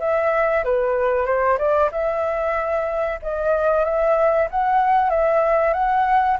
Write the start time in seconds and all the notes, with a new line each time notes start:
0.00 E5
0.64 B4
1.26 C5
1.58 D5
1.92 E5
3.22 D#5
3.84 E5
4.51 F#5
5.09 E5
5.73 F#5